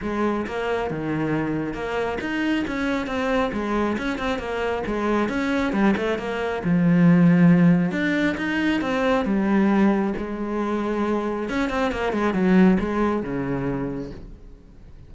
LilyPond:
\new Staff \with { instrumentName = "cello" } { \time 4/4 \tempo 4 = 136 gis4 ais4 dis2 | ais4 dis'4 cis'4 c'4 | gis4 cis'8 c'8 ais4 gis4 | cis'4 g8 a8 ais4 f4~ |
f2 d'4 dis'4 | c'4 g2 gis4~ | gis2 cis'8 c'8 ais8 gis8 | fis4 gis4 cis2 | }